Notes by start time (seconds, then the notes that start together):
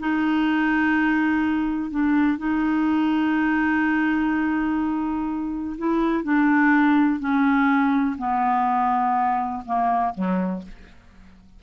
0.00 D#4
1.90 D4
2.38 D#4
5.78 E4
6.24 D4
7.20 C#4
8.18 B3
9.66 A#3
10.14 F#3